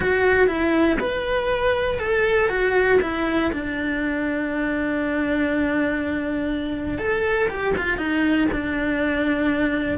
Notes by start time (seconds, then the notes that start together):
0.00 F#4
0.47 E4
1.00 B4
1.99 A4
2.49 F#4
3.01 E4
3.52 D4
6.98 A4
7.49 G4
7.77 F4
7.97 D#4
8.52 D4